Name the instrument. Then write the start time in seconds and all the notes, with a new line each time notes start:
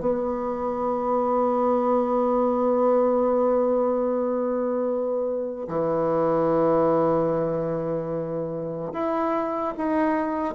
bassoon
0.00 B3
5.68 E3
8.93 E4
9.77 D#4